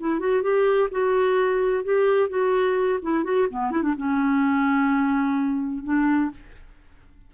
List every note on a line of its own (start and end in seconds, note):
0.00 0.20 E4
0.20 0.42 F#4
0.42 0.89 G4
0.91 1.84 F#4
1.84 2.29 G4
2.29 2.99 F#4
3.02 3.24 E4
3.24 3.47 F#4
3.50 3.71 B3
3.71 3.82 E4
3.82 3.94 D4
3.97 5.84 C#4
5.84 6.31 D4